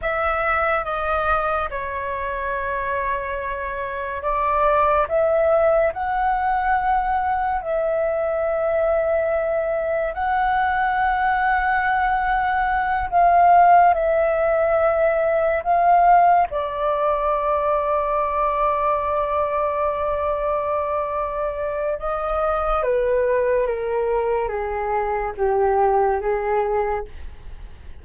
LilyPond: \new Staff \with { instrumentName = "flute" } { \time 4/4 \tempo 4 = 71 e''4 dis''4 cis''2~ | cis''4 d''4 e''4 fis''4~ | fis''4 e''2. | fis''2.~ fis''8 f''8~ |
f''8 e''2 f''4 d''8~ | d''1~ | d''2 dis''4 b'4 | ais'4 gis'4 g'4 gis'4 | }